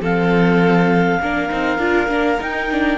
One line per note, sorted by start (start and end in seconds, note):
0.00 1.19 F3
0.00 1.20 C4
0.00 1.20 A4
0.00 2.41 F5
1.20 1.49 A#3
1.20 1.49 D4
1.20 2.97 A#4
1.49 1.78 C4
1.49 1.78 D#4
1.78 2.08 D4
1.78 2.08 F4
2.08 2.38 A#3
2.08 2.38 D4
2.39 2.69 D#4
2.39 2.97 D#4
2.39 2.97 G5
2.71 2.97 D4